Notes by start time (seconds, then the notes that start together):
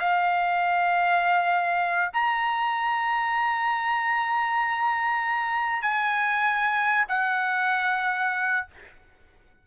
0.00 F5
2.13 A#5
5.82 G#5
7.09 F#5